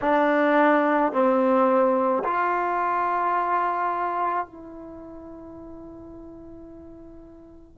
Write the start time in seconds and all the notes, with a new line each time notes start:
0.01 D4
1.12 C4
2.24 F4
4.45 E4